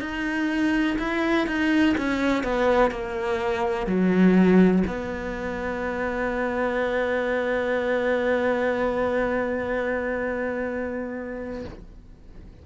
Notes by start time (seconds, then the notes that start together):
0.00 D#4
0.98 E4
1.47 D#4
1.97 C#4
2.43 B3
2.91 A#3
3.87 F#3
4.87 B3